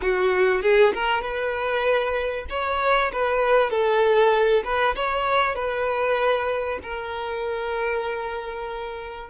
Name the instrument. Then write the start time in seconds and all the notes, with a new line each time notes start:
violin
0.01 F#4
0.62 G#4
0.93 A#4
1.21 B4
2.49 C#5
3.12 B4
3.70 A4
4.64 B4
4.95 C#5
5.55 B4
6.82 A#4